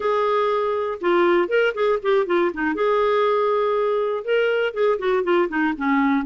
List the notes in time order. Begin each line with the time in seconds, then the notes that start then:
0.00 G#4
1.00 F4
1.48 A#4
1.74 G#4
2.02 G4
2.26 F4
2.53 D#4
2.74 G#4
4.24 A#4
4.73 G#4
4.98 F#4
5.23 F4
5.49 D#4
5.77 C#4